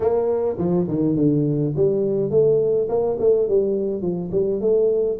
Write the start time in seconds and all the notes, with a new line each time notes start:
0.00 A#3
0.58 F3
0.88 D#3
1.16 D3
1.76 G3
2.30 A3
2.88 A#3
3.19 A3
3.48 G3
4.01 F3
4.31 G3
4.60 A3